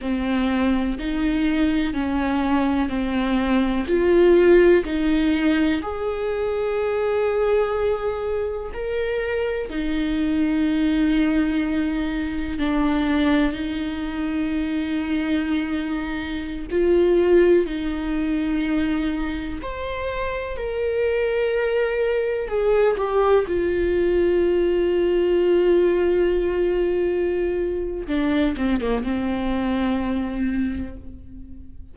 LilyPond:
\new Staff \with { instrumentName = "viola" } { \time 4/4 \tempo 4 = 62 c'4 dis'4 cis'4 c'4 | f'4 dis'4 gis'2~ | gis'4 ais'4 dis'2~ | dis'4 d'4 dis'2~ |
dis'4~ dis'16 f'4 dis'4.~ dis'16~ | dis'16 c''4 ais'2 gis'8 g'16~ | g'16 f'2.~ f'8.~ | f'4 d'8 c'16 ais16 c'2 | }